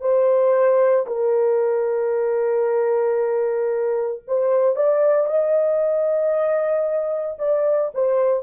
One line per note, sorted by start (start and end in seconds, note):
0.00 1.05 C5
1.06 4.22 A#4
4.27 4.75 C5
4.75 5.26 D5
5.26 7.37 D#5
7.38 7.91 D5
7.94 8.43 C5